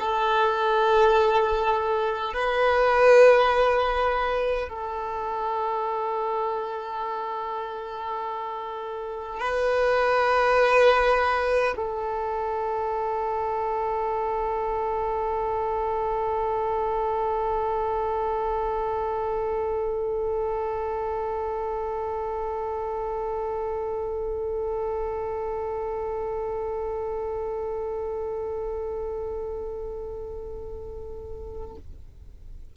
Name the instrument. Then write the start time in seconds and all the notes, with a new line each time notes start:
violin
0.00 A4
2.34 B4
4.70 A4
9.40 B4
11.76 A4